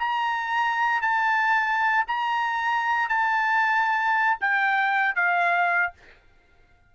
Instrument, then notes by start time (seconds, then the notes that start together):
trumpet
0.00 A#5
1.02 A5
2.08 A#5
3.09 A5
4.41 G5
5.16 F5